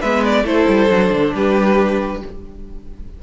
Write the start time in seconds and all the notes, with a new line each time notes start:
0.00 G#3 B3 B4 E5
0.24 D5
0.43 A3 E4 A4 C5
0.68 G3
0.89 F#3 D4
1.12 D3
1.35 G3 G4 B4